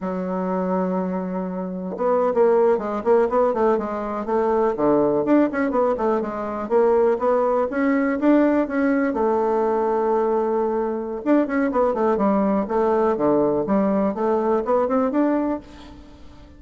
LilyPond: \new Staff \with { instrumentName = "bassoon" } { \time 4/4 \tempo 4 = 123 fis1 | b8. ais4 gis8 ais8 b8 a8 gis16~ | gis8. a4 d4 d'8 cis'8 b16~ | b16 a8 gis4 ais4 b4 cis'16~ |
cis'8. d'4 cis'4 a4~ a16~ | a2. d'8 cis'8 | b8 a8 g4 a4 d4 | g4 a4 b8 c'8 d'4 | }